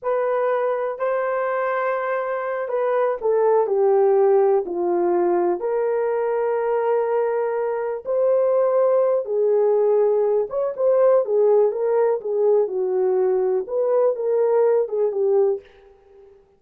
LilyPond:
\new Staff \with { instrumentName = "horn" } { \time 4/4 \tempo 4 = 123 b'2 c''2~ | c''4. b'4 a'4 g'8~ | g'4. f'2 ais'8~ | ais'1~ |
ais'8 c''2~ c''8 gis'4~ | gis'4. cis''8 c''4 gis'4 | ais'4 gis'4 fis'2 | b'4 ais'4. gis'8 g'4 | }